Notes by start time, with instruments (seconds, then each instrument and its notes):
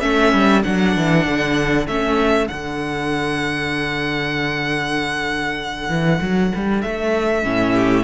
0.00 cello A3, viola C#4, violin A4 E5
0.33 cello G3
0.63 cello F#3, viola D4, violin F#5
0.96 cello E3
1.26 cello D3
1.87 cello A3, viola C#4, violin E5
2.48 cello D3, viola D4, violin F#5
5.89 cello E3
6.21 cello F#3
6.55 cello G3
6.81 cello A3, violin E5
7.43 cello A2, viola C#4
7.73 violin G4